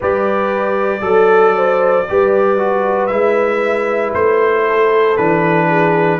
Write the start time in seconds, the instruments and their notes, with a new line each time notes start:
0.00 tuba G3, trombone G4, horn B4, trumpet D5
1.01 tuba F#3, trombone A4, horn A4
1.56 horn C5
2.09 tuba G3, trombone G4, horn B4
2.57 trombone F#4
3.06 tuba G#3, trombone E4, trumpet E5
4.14 tuba A3, trumpet C5
4.66 horn A4
5.17 tuba E3, trombone D4, trumpet B4
5.68 horn G#4